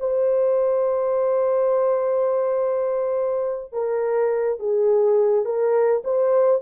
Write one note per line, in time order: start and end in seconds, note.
0.00 3.73 C5
3.73 4.59 A#4
4.60 5.45 G#4
5.45 6.03 A#4
6.04 6.62 C5